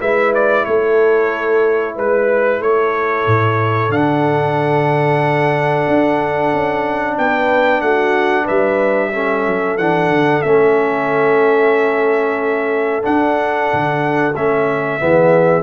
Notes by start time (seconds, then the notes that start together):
0.00 G#3 E4 B4 E5
0.35 D5
0.65 A3 A4 C#5
1.96 G#3 B4
2.61 A3 A4 C#5
3.27 A2
3.90 D3 D4 F#5
5.88 D4
6.54 C#4
7.18 B3 B4 G5
7.82 A3 F#4 F#5
8.44 G3 B4 E5
9.14 C#4 A4
9.47 F#3
9.78 E3 D4 F#5
10.10 D3
10.43 A3 C#4 E5
13.03 D4 F#5
13.74 D3
14.36 A3 C#4 E5
15.00 E3 B3 G#4